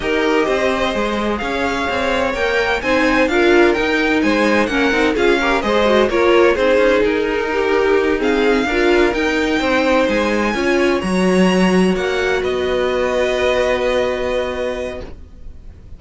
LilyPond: <<
  \new Staff \with { instrumentName = "violin" } { \time 4/4 \tempo 4 = 128 dis''2. f''4~ | f''4 g''4 gis''4 f''4 | g''4 gis''4 fis''4 f''4 | dis''4 cis''4 c''4 ais'4~ |
ais'4. f''2 g''8~ | g''4. gis''2 ais''8~ | ais''4. fis''4 dis''4.~ | dis''1 | }
  \new Staff \with { instrumentName = "violin" } { \time 4/4 ais'4 c''2 cis''4~ | cis''2 c''4 ais'4~ | ais'4 c''4 ais'4 gis'8 ais'8 | c''4 ais'4 gis'2 |
g'4. gis'4 ais'4.~ | ais'8 c''2 cis''4.~ | cis''2~ cis''8 b'4.~ | b'1 | }
  \new Staff \with { instrumentName = "viola" } { \time 4/4 g'2 gis'2~ | gis'4 ais'4 dis'4 f'4 | dis'2 cis'8 dis'8 f'8 g'8 | gis'8 fis'8 f'4 dis'2~ |
dis'4. c'4 f'4 dis'8~ | dis'2~ dis'8 f'4 fis'8~ | fis'1~ | fis'1 | }
  \new Staff \with { instrumentName = "cello" } { \time 4/4 dis'4 c'4 gis4 cis'4 | c'4 ais4 c'4 d'4 | dis'4 gis4 ais8 c'8 cis'4 | gis4 ais4 c'8 cis'8 dis'4~ |
dis'2~ dis'8 d'4 dis'8~ | dis'8 c'4 gis4 cis'4 fis8~ | fis4. ais4 b4.~ | b1 | }
>>